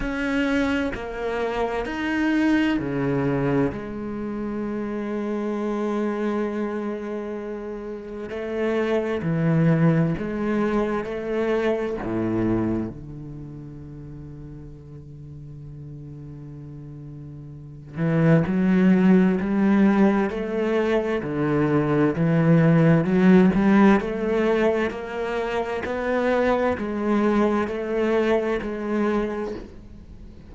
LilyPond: \new Staff \with { instrumentName = "cello" } { \time 4/4 \tempo 4 = 65 cis'4 ais4 dis'4 cis4 | gis1~ | gis4 a4 e4 gis4 | a4 a,4 d2~ |
d2.~ d8 e8 | fis4 g4 a4 d4 | e4 fis8 g8 a4 ais4 | b4 gis4 a4 gis4 | }